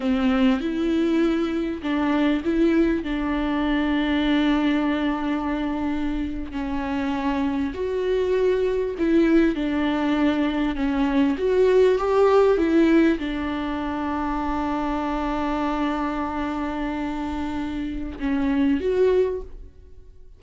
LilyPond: \new Staff \with { instrumentName = "viola" } { \time 4/4 \tempo 4 = 99 c'4 e'2 d'4 | e'4 d'2.~ | d'2~ d'8. cis'4~ cis'16~ | cis'8. fis'2 e'4 d'16~ |
d'4.~ d'16 cis'4 fis'4 g'16~ | g'8. e'4 d'2~ d'16~ | d'1~ | d'2 cis'4 fis'4 | }